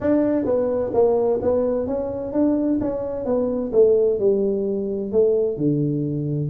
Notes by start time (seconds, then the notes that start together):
0.00 D4
0.45 B3
0.93 A#3
1.41 B3
1.86 C#4
2.32 D4
2.80 C#4
3.25 B3
3.72 A3
4.19 G3
5.12 A3
5.57 D3